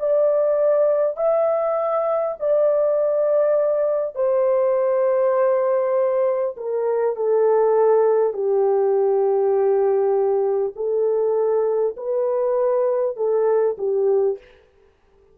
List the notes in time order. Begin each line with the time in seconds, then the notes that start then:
0.00 D5
1.17 E5
2.40 D5
4.16 C5
6.57 A#4
7.16 A4
8.33 G4
10.76 A4
11.97 B4
13.17 A4
13.78 G4